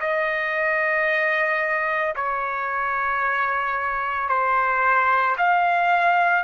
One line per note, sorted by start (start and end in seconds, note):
0.00 2.14 D#5
2.15 4.29 C#5
4.29 5.36 C5
5.37 6.43 F5